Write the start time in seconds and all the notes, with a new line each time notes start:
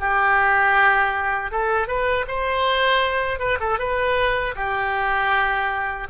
0.00 G4
1.52 A4
1.88 B4
2.28 C5
3.40 B4
3.60 A4
3.79 B4
4.56 G4